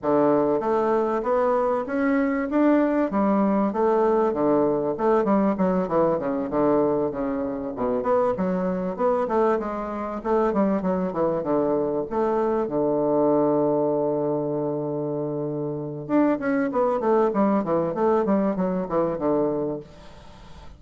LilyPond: \new Staff \with { instrumentName = "bassoon" } { \time 4/4 \tempo 4 = 97 d4 a4 b4 cis'4 | d'4 g4 a4 d4 | a8 g8 fis8 e8 cis8 d4 cis8~ | cis8 b,8 b8 fis4 b8 a8 gis8~ |
gis8 a8 g8 fis8 e8 d4 a8~ | a8 d2.~ d8~ | d2 d'8 cis'8 b8 a8 | g8 e8 a8 g8 fis8 e8 d4 | }